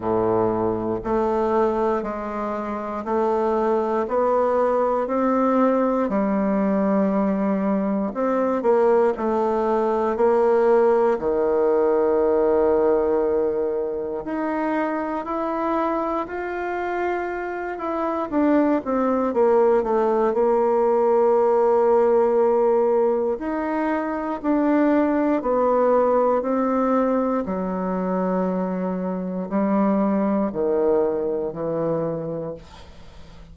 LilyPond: \new Staff \with { instrumentName = "bassoon" } { \time 4/4 \tempo 4 = 59 a,4 a4 gis4 a4 | b4 c'4 g2 | c'8 ais8 a4 ais4 dis4~ | dis2 dis'4 e'4 |
f'4. e'8 d'8 c'8 ais8 a8 | ais2. dis'4 | d'4 b4 c'4 fis4~ | fis4 g4 dis4 e4 | }